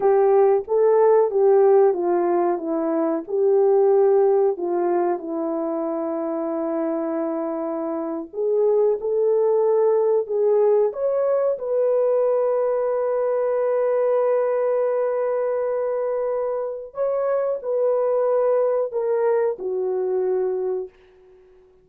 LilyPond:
\new Staff \with { instrumentName = "horn" } { \time 4/4 \tempo 4 = 92 g'4 a'4 g'4 f'4 | e'4 g'2 f'4 | e'1~ | e'8. gis'4 a'2 gis'16~ |
gis'8. cis''4 b'2~ b'16~ | b'1~ | b'2 cis''4 b'4~ | b'4 ais'4 fis'2 | }